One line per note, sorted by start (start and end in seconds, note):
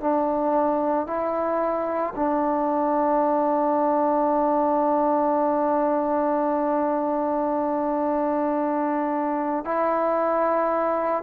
0.00 1.06 D4
1.06 2.13 E4
2.15 9.64 D4
9.64 11.23 E4